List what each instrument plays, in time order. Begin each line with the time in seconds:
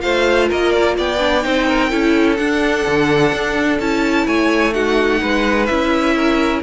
0.00 cello A3, viola F4, violin C5 F5
0.49 cello A#3, violin A#4 D#5
0.72 violin D5
0.98 cello B3, violin D5 G5
1.19 viola D4
1.43 cello C4, viola D#4, violin C5
1.68 violin A#4
1.90 cello C#4, viola E4, violin A4
2.37 viola D4, cello D4, violin F#5
2.87 cello D3
3.33 cello D4
3.80 cello C#4, viola E4, violin A5
4.27 cello A3, violin C#5 G#5
4.73 viola D#4, violin F#4 F#5
5.21 cello G#3, violin B4
5.66 cello C#4, viola E4, violin E5
6.16 violin A#4